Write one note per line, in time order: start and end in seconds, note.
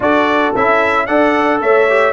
0.00 0.53 D4
0.00 0.54 F#4
0.00 1.06 A4
0.00 0.55 D5
0.55 1.08 C#4
0.55 1.08 E4
0.55 1.06 E5
1.06 1.61 D4
1.06 1.88 A4
1.06 1.60 D5
1.06 1.60 F#5
1.61 2.13 A3
1.61 2.13 C#5
1.61 2.13 E5
1.89 2.13 G4